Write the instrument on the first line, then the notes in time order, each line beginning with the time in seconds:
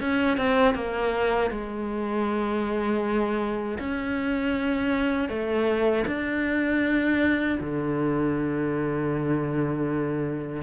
cello
0.00 C#4
0.37 C4
0.75 A#3
1.51 G#3
3.79 C#4
5.29 A3
6.06 D4
7.60 D3